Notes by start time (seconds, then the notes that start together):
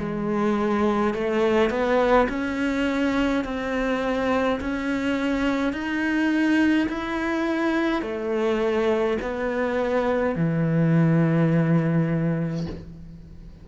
0.00 G#3
1.14 A3
1.70 B3
2.29 C#4
3.45 C4
4.61 C#4
5.73 D#4
6.89 E4
8.02 A3
9.22 B3
10.36 E3